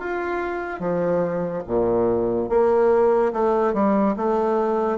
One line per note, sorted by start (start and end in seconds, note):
0.00 0.80 F4
0.80 1.63 F3
1.67 2.49 A#2
2.49 3.33 A#3
3.33 3.74 A3
3.74 4.16 G3
4.16 4.98 A3